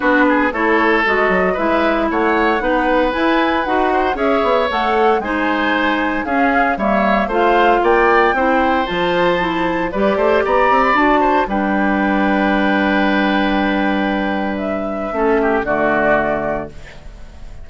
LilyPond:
<<
  \new Staff \with { instrumentName = "flute" } { \time 4/4 \tempo 4 = 115 b'4 cis''4 dis''4 e''4 | fis''2 gis''4 fis''4 | e''4 fis''4 gis''2 | f''4 e''4 f''4 g''4~ |
g''4 a''2 d''4 | ais''8. b''16 a''4 g''2~ | g''1 | e''2 d''2 | }
  \new Staff \with { instrumentName = "oboe" } { \time 4/4 fis'8 gis'8 a'2 b'4 | cis''4 b'2~ b'8 c''8 | cis''2 c''2 | gis'4 cis''4 c''4 d''4 |
c''2. b'8 c''8 | d''4. c''8 b'2~ | b'1~ | b'4 a'8 g'8 fis'2 | }
  \new Staff \with { instrumentName = "clarinet" } { \time 4/4 d'4 e'4 fis'4 e'4~ | e'4 dis'4 e'4 fis'4 | gis'4 a'4 dis'2 | cis'4 ais4 f'2 |
e'4 f'4 e'4 g'4~ | g'4 fis'4 d'2~ | d'1~ | d'4 cis'4 a2 | }
  \new Staff \with { instrumentName = "bassoon" } { \time 4/4 b4 a4 gis8 fis8 gis4 | a4 b4 e'4 dis'4 | cis'8 b8 a4 gis2 | cis'4 g4 a4 ais4 |
c'4 f2 g8 a8 | b8 c'8 d'4 g2~ | g1~ | g4 a4 d2 | }
>>